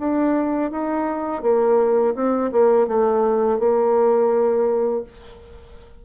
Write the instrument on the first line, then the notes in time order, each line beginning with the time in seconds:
bassoon
0.00 D4
0.71 D#4
1.43 A#3
2.15 C4
2.52 A#3
2.88 A3
3.59 A#3